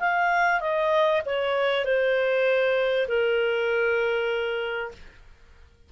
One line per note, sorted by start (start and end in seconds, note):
0.00 0.61 F5
0.61 1.22 D#5
1.26 1.85 C#5
1.85 3.08 C5
3.08 4.92 A#4